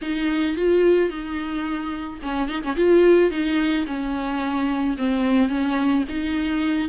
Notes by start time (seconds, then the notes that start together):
0.02 D#4
0.56 F4
1.09 D#4
2.22 C#4
2.48 D#4
2.62 C#4
2.75 F4
3.30 D#4
3.86 C#4
4.97 C4
5.48 C#4
6.08 D#4